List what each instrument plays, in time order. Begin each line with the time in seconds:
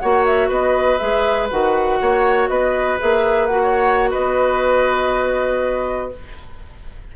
0.00 bassoon A#3, clarinet F#4, oboe C#5, flute F#5
0.25 flute E5
0.49 bassoon B3, oboe B4, flute D#5
0.98 bassoon G#3, clarinet G#4, flute E5
1.51 bassoon D#3, clarinet F#4, flute F#5
2.01 bassoon A#3, oboe C#5
2.49 bassoon B3, oboe B4, flute D#5
2.99 bassoon A#3, clarinet G#4, flute E5
3.47 clarinet F#4, flute F#5
3.63 oboe C#5
4.11 bassoon B3, oboe B4, flute D#5